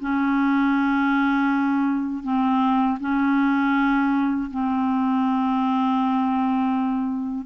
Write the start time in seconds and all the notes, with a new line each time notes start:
0.00 C#4
2.23 C4
3.00 C#4
4.50 C4